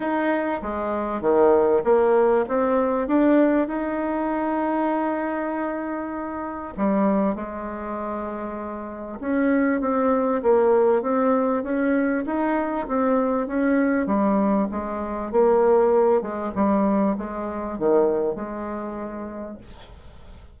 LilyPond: \new Staff \with { instrumentName = "bassoon" } { \time 4/4 \tempo 4 = 98 dis'4 gis4 dis4 ais4 | c'4 d'4 dis'2~ | dis'2. g4 | gis2. cis'4 |
c'4 ais4 c'4 cis'4 | dis'4 c'4 cis'4 g4 | gis4 ais4. gis8 g4 | gis4 dis4 gis2 | }